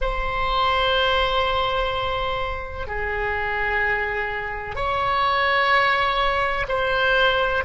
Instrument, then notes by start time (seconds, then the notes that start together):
oboe
0.01 C5
2.87 G#4
4.75 C#5
6.68 C5